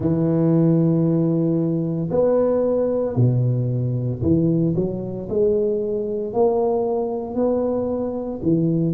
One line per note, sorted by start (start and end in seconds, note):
0.00 2.09 E3
2.11 3.16 B3
3.16 4.21 B2
4.22 4.74 E3
4.75 5.28 F#3
5.29 6.33 G#3
6.33 7.34 A#3
7.34 8.40 B3
8.42 8.94 E3